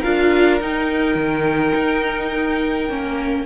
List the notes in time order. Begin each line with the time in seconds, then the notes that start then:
0.00 D4 F4 A#4 F5
0.61 D#4 G5
1.15 D#3
1.75 D#4
2.89 A#3 C#4